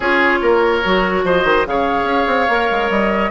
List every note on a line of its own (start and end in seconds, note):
0.00 0.40 C#4
0.00 0.83 F4
0.00 0.38 G#4
0.00 1.25 C#5
0.41 0.82 A#3
0.41 1.24 A#4
0.83 1.24 F#3
0.83 1.66 F#4
1.24 1.44 F3
1.24 1.66 C5
1.24 1.66 D#5
1.44 1.65 D#3
1.66 2.03 C#3
1.66 2.48 G#4
1.66 3.30 C#5
1.66 2.90 F5
2.03 2.24 C#4
2.26 2.47 C4
2.48 2.69 A#3
2.48 3.30 A#4
2.71 2.89 G#3
2.89 3.30 G3
2.89 3.30 D#5